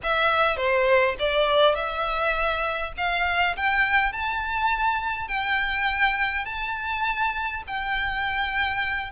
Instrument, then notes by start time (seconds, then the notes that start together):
violin
0.03 E5
0.56 C5
1.19 D5
1.75 E5
2.97 F5
3.56 G5
4.12 A5
5.28 G5
6.45 A5
7.67 G5